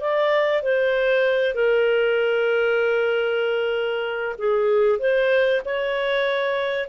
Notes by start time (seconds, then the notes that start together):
0.00 D5
0.62 C5
1.55 A#4
4.38 G#4
4.99 C5
5.65 C#5